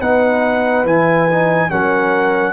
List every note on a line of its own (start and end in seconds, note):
0.00 0.84 B3
0.00 0.86 D#4
0.00 1.69 B4
0.00 0.86 F#5
0.84 1.68 E3
0.84 1.28 E4
0.84 1.70 G#5
1.29 1.69 D#4
1.69 2.53 F#3
1.69 2.53 C#4
1.69 2.53 A#4
1.69 2.53 F#5